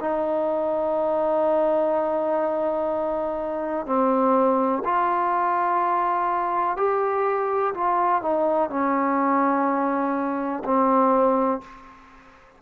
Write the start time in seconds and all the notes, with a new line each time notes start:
0.00 D#4
3.86 C4
4.84 F4
6.77 G4
7.74 F4
8.22 D#4
8.69 C#4
10.64 C4